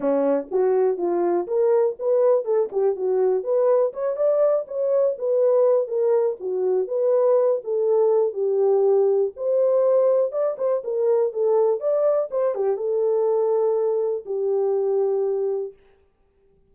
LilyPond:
\new Staff \with { instrumentName = "horn" } { \time 4/4 \tempo 4 = 122 cis'4 fis'4 f'4 ais'4 | b'4 a'8 g'8 fis'4 b'4 | cis''8 d''4 cis''4 b'4. | ais'4 fis'4 b'4. a'8~ |
a'4 g'2 c''4~ | c''4 d''8 c''8 ais'4 a'4 | d''4 c''8 g'8 a'2~ | a'4 g'2. | }